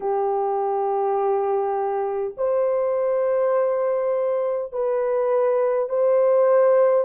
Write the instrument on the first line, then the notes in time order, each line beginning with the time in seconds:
horn
0.00 G4
2.37 C5
4.72 B4
5.89 C5